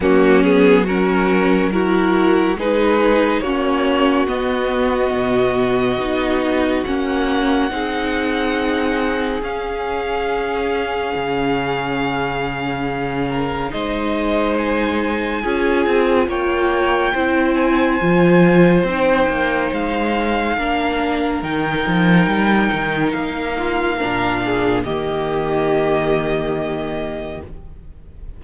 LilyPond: <<
  \new Staff \with { instrumentName = "violin" } { \time 4/4 \tempo 4 = 70 fis'8 gis'8 ais'4 fis'4 b'4 | cis''4 dis''2. | fis''2. f''4~ | f''1 |
dis''4 gis''2 g''4~ | g''8 gis''4. g''4 f''4~ | f''4 g''2 f''4~ | f''4 dis''2. | }
  \new Staff \with { instrumentName = "violin" } { \time 4/4 cis'4 fis'4 ais'4 gis'4 | fis'1~ | fis'4 gis'2.~ | gis'2.~ gis'8 ais'8 |
c''2 gis'4 cis''4 | c''1 | ais'2.~ ais'8 f'8 | ais'8 gis'8 g'2. | }
  \new Staff \with { instrumentName = "viola" } { \time 4/4 ais8 b8 cis'4 e'4 dis'4 | cis'4 b2 dis'4 | cis'4 dis'2 cis'4~ | cis'1 |
dis'2 f'2 | e'4 f'4 dis'2 | d'4 dis'2. | d'4 ais2. | }
  \new Staff \with { instrumentName = "cello" } { \time 4/4 fis2. gis4 | ais4 b4 b,4 b4 | ais4 c'2 cis'4~ | cis'4 cis2. |
gis2 cis'8 c'8 ais4 | c'4 f4 c'8 ais8 gis4 | ais4 dis8 f8 g8 dis8 ais4 | ais,4 dis2. | }
>>